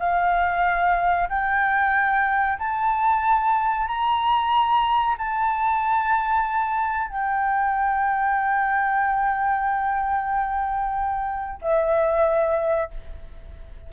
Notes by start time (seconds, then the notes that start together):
0.00 F5
1.30 G5
2.59 A5
3.87 A#5
5.18 A5
7.08 G5
11.62 E5